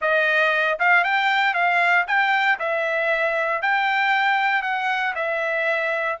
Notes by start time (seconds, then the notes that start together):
0.01 D#5
0.79 F5
1.03 G5
1.54 F5
2.07 G5
2.59 E5
3.61 G5
4.62 F#5
5.15 E5